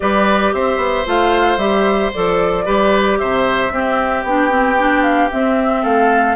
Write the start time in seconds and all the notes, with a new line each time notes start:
0.00 G3 G4 B4 D5
0.53 C4 C5 E5
0.77 B3
1.05 A3 F4 F5
1.57 G3 G4 E5
2.13 F3 A4 D5
2.65 G3 G4 B4
3.18 C3 C5 E5
3.70 C4 G4
4.23 B3 D4 G5
4.50 C4
4.78 D4
5.02 F5
5.31 C4 E5
5.82 A3 A4 F5